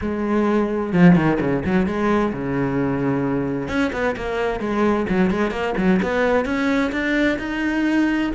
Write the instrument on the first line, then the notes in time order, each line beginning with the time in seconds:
cello
0.01 G#3
0.92 F3
1.15 D#3
1.40 C#3
1.65 F#3
1.86 G#3
2.32 C#3
3.68 C#4
3.92 B3
4.16 A#3
4.60 G#3
5.09 F#3
5.30 G#3
5.50 A#3
5.77 F#3
6.02 B3
6.45 C#4
6.91 D4
7.38 D#4